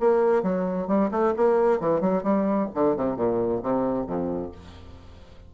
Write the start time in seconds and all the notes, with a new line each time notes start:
0.00 A#3
0.42 F#3
0.87 G3
1.11 A3
1.36 A#3
1.80 E3
2.01 F#3
2.23 G3
2.74 D3
2.96 C3
3.16 A#2
3.62 C3
4.06 F2